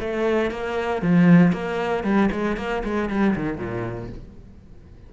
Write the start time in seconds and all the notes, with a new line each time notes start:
0.00 A3
0.51 A#3
1.02 F3
1.52 A#3
2.04 G3
2.32 G#3
2.57 A#3
2.84 G#3
3.09 G3
3.36 D#3
3.58 A#2